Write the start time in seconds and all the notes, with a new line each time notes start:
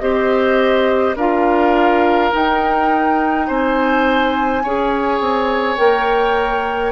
0.00 C4 G4 C5 D#5
1.15 D4 F4 A#4 F5
2.31 D#4 G5
3.48 C4 C5 G#5
4.63 C#4 G#4 C#5
5.20 C4
5.77 A#3 A#4 G5